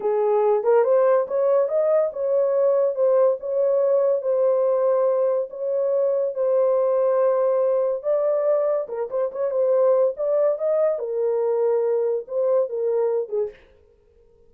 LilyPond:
\new Staff \with { instrumentName = "horn" } { \time 4/4 \tempo 4 = 142 gis'4. ais'8 c''4 cis''4 | dis''4 cis''2 c''4 | cis''2 c''2~ | c''4 cis''2 c''4~ |
c''2. d''4~ | d''4 ais'8 c''8 cis''8 c''4. | d''4 dis''4 ais'2~ | ais'4 c''4 ais'4. gis'8 | }